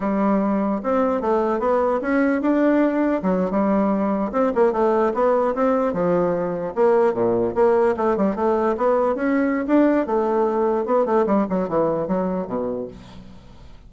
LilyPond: \new Staff \with { instrumentName = "bassoon" } { \time 4/4 \tempo 4 = 149 g2 c'4 a4 | b4 cis'4 d'2 | fis8. g2 c'8 ais8 a16~ | a8. b4 c'4 f4~ f16~ |
f8. ais4 ais,4 ais4 a16~ | a16 g8 a4 b4 cis'4~ cis'16 | d'4 a2 b8 a8 | g8 fis8 e4 fis4 b,4 | }